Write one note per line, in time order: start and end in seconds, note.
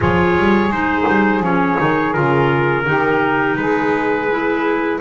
0.00 0.37 F3
0.00 0.70 F4
0.00 2.83 G#4
0.00 0.71 C#5
0.37 0.68 G3
0.68 1.04 G#3
0.68 1.42 D#4
0.68 1.43 C5
1.07 1.40 G3
1.40 1.75 F3
1.40 1.77 C#4
1.40 2.13 C#5
1.77 2.16 D#3
1.77 2.13 D#4
2.13 2.87 C#3
2.13 2.84 F4
2.13 3.56 A#4
2.84 3.56 D#3
2.84 4.27 D#4
2.84 3.56 G4
3.56 4.99 G#3
3.56 5.00 G#4
3.56 4.99 B4
4.30 5.01 E4